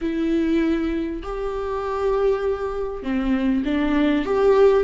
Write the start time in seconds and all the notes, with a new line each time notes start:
0.01 E4
1.22 G4
3.02 C4
3.64 D4
4.25 G4